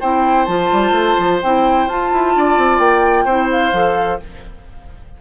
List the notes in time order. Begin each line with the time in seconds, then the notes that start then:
0.00 C4 E4 C5 G5
0.45 F3 F4 A5
0.71 G3
0.91 A3
1.18 F3
1.42 C4 E4 G5
1.87 F4 A5
2.12 E4
2.35 D4 D5
2.57 C4
2.78 A#3 G5
3.24 C4 E4 C5
3.51 F5
3.72 F3 A4